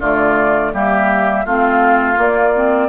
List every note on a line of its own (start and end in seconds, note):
0.00 0.73 D3
0.00 0.74 A3
0.00 0.72 F4
0.00 0.73 D5
0.73 1.46 G3
0.73 1.46 A#3
0.73 1.45 G4
0.73 1.46 E5
1.45 2.18 A3
1.45 2.15 C4
1.45 2.89 F4
1.45 2.18 F5
2.15 2.51 A#3
2.15 2.89 A#3
2.15 2.89 D5
2.55 2.89 C4